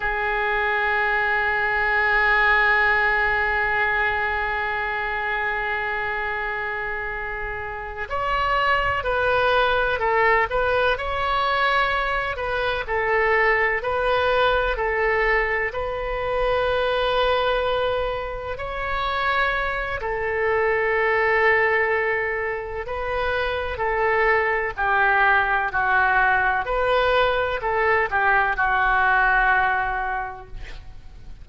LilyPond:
\new Staff \with { instrumentName = "oboe" } { \time 4/4 \tempo 4 = 63 gis'1~ | gis'1~ | gis'8 cis''4 b'4 a'8 b'8 cis''8~ | cis''4 b'8 a'4 b'4 a'8~ |
a'8 b'2. cis''8~ | cis''4 a'2. | b'4 a'4 g'4 fis'4 | b'4 a'8 g'8 fis'2 | }